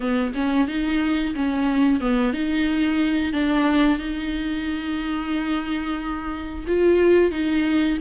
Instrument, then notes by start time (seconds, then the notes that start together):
viola
0.00 B3
0.34 C#4
0.67 D#4
1.35 C#4
2.00 B3
2.33 D#4
3.32 D4
3.98 D#4
6.67 F4
7.31 D#4